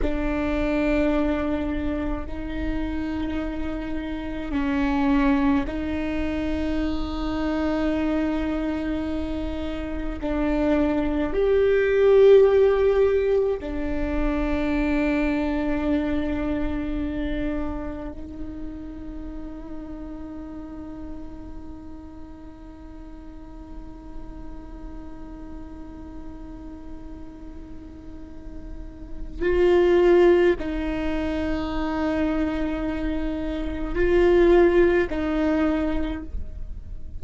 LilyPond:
\new Staff \with { instrumentName = "viola" } { \time 4/4 \tempo 4 = 53 d'2 dis'2 | cis'4 dis'2.~ | dis'4 d'4 g'2 | d'1 |
dis'1~ | dis'1~ | dis'2 f'4 dis'4~ | dis'2 f'4 dis'4 | }